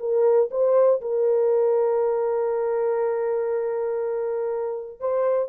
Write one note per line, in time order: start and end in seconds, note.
0.00 0.50 A#4
0.51 1.01 C5
1.01 5.00 A#4
5.00 5.49 C5